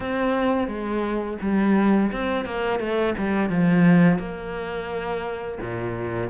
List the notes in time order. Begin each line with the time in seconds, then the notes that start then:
0.00 C4
0.67 G#3
1.41 G3
2.12 C4
2.45 A#3
2.79 A3
3.17 G3
3.49 F3
4.18 A#3
5.60 A#2